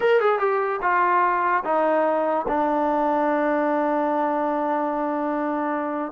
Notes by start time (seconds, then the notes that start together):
0.00 A#4
0.20 G#4
0.39 G4
0.82 F4
1.64 D#4
2.48 D4